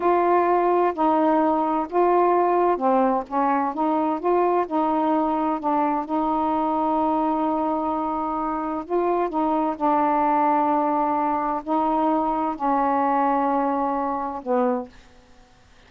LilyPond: \new Staff \with { instrumentName = "saxophone" } { \time 4/4 \tempo 4 = 129 f'2 dis'2 | f'2 c'4 cis'4 | dis'4 f'4 dis'2 | d'4 dis'2.~ |
dis'2. f'4 | dis'4 d'2.~ | d'4 dis'2 cis'4~ | cis'2. b4 | }